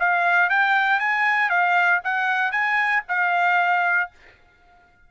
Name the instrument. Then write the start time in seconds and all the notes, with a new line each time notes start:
trumpet
0.00 F5
0.50 G5
1.00 G#5
1.50 F5
2.04 F#5
2.52 G#5
3.09 F5